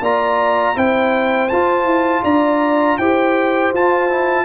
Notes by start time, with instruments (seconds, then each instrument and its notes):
0.00 tuba A#3, trombone F4, horn D5, trumpet A#5
0.75 tuba C4, trombone E4, horn C5, trumpet G5
1.48 tuba F4, trombone F4, trumpet A5
1.84 tuba E4
2.23 tuba D4, horn D5, trumpet A#5
2.98 tuba E4, trombone G4, horn C5, trumpet G5
3.72 tuba F4, trombone F4, trumpet A5
4.09 trombone E4